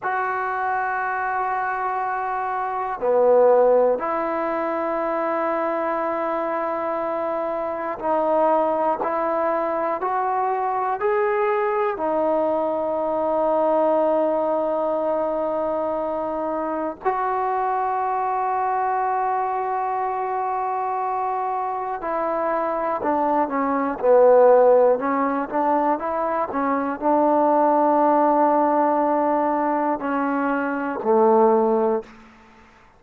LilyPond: \new Staff \with { instrumentName = "trombone" } { \time 4/4 \tempo 4 = 60 fis'2. b4 | e'1 | dis'4 e'4 fis'4 gis'4 | dis'1~ |
dis'4 fis'2.~ | fis'2 e'4 d'8 cis'8 | b4 cis'8 d'8 e'8 cis'8 d'4~ | d'2 cis'4 a4 | }